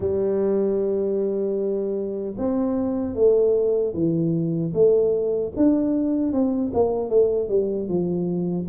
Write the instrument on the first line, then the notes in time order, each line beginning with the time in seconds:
tuba
0.00 G3
2.38 C4
3.14 A3
3.93 E3
4.73 A3
5.56 D4
6.32 C4
6.73 A#3
7.09 A3
7.49 G3
7.88 F3